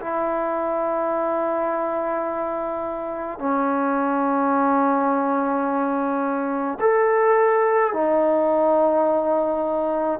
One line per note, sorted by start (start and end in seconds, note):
0.00 3.39 E4
3.39 6.78 C#4
6.80 7.93 A4
7.93 10.19 D#4